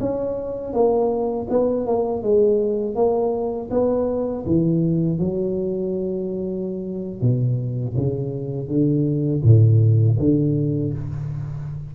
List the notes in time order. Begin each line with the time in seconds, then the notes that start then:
0.00 C#4
0.73 A#3
1.49 B3
1.86 A#3
2.22 G#3
2.95 A#3
3.70 B3
4.46 E3
5.19 F#3
7.21 B2
7.97 C#3
8.68 D3
9.43 A2
10.19 D3